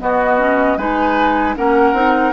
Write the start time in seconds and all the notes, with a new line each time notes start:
0.00 B3 F#4 D#5
0.39 C#4
0.77 G#3 D#4 B4 G#5
1.56 A#3 C#4 A#4 F#5
1.94 C4 D#4